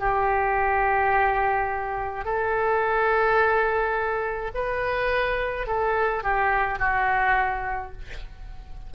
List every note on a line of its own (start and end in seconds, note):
0.00 2.25 G4
2.25 4.52 A4
4.55 5.67 B4
5.67 6.24 A4
6.24 6.79 G4
6.79 7.92 F#4